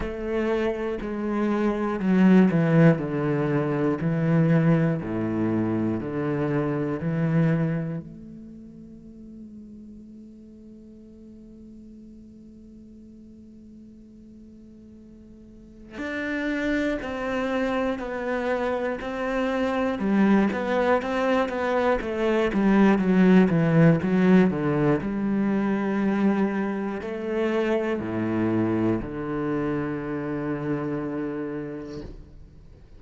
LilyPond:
\new Staff \with { instrumentName = "cello" } { \time 4/4 \tempo 4 = 60 a4 gis4 fis8 e8 d4 | e4 a,4 d4 e4 | a1~ | a1 |
d'4 c'4 b4 c'4 | g8 b8 c'8 b8 a8 g8 fis8 e8 | fis8 d8 g2 a4 | a,4 d2. | }